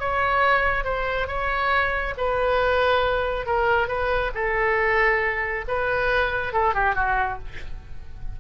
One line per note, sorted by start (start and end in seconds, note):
0.00 0.85 C#5
0.85 1.27 C5
1.27 2.14 C#5
2.18 3.47 B4
3.47 3.88 A#4
3.88 4.31 B4
4.35 5.65 A4
5.68 6.53 B4
6.53 6.75 A4
6.75 6.95 G4
6.95 7.39 F#4